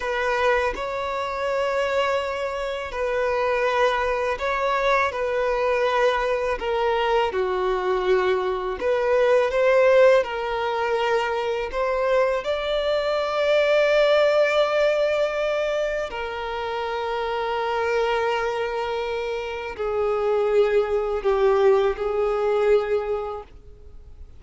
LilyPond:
\new Staff \with { instrumentName = "violin" } { \time 4/4 \tempo 4 = 82 b'4 cis''2. | b'2 cis''4 b'4~ | b'4 ais'4 fis'2 | b'4 c''4 ais'2 |
c''4 d''2.~ | d''2 ais'2~ | ais'2. gis'4~ | gis'4 g'4 gis'2 | }